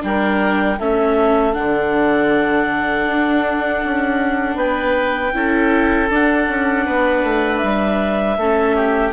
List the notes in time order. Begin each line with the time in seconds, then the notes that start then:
0.00 G3 D4 G5
0.06 A#4
0.78 A3 C#4 A4 E5
1.53 D3 D4 F#5
3.06 D4
3.84 C#4
4.55 B3 B4 G5
5.33 C#4 E4 A4
6.09 D4 F#5
6.48 C#4
6.85 B3 B4
7.23 A3
7.57 G3 E5
8.37 A3 C#4 A4
8.76 G4